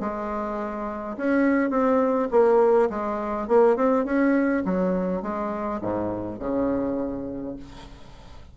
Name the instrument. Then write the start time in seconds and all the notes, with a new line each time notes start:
bassoon
0.00 G#3
1.17 C#4
1.70 C4
2.31 A#3
2.90 G#3
3.48 A#3
3.76 C4
4.05 C#4
4.65 F#3
5.22 G#3
5.81 G#2
6.39 C#3